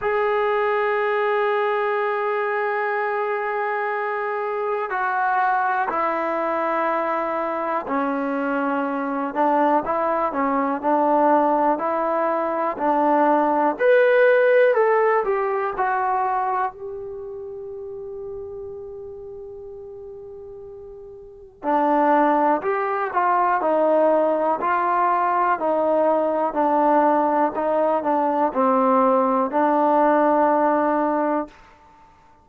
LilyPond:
\new Staff \with { instrumentName = "trombone" } { \time 4/4 \tempo 4 = 61 gis'1~ | gis'4 fis'4 e'2 | cis'4. d'8 e'8 cis'8 d'4 | e'4 d'4 b'4 a'8 g'8 |
fis'4 g'2.~ | g'2 d'4 g'8 f'8 | dis'4 f'4 dis'4 d'4 | dis'8 d'8 c'4 d'2 | }